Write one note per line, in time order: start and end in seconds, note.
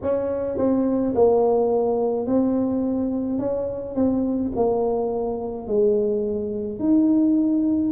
0.02 0.57 C#4
0.57 1.14 C4
1.14 2.26 A#3
2.26 3.39 C4
3.39 3.95 C#4
3.95 4.51 C4
4.55 5.67 A#3
5.67 6.79 G#3
6.79 7.91 D#4